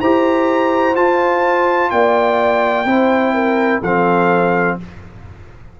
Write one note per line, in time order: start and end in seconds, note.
0.00 0.95 E4
0.00 0.95 G4
0.00 1.91 C5
0.00 0.95 A#5
0.95 2.85 F4
0.95 1.91 F4
0.95 1.90 A5
1.90 2.85 A#3
1.90 2.87 D5
1.90 3.80 G5
2.85 3.80 C4
2.85 3.82 E4
2.85 3.34 C5
3.34 3.81 A#4
3.81 4.77 F3
3.81 4.80 C4
3.81 4.76 A4
3.81 4.78 F5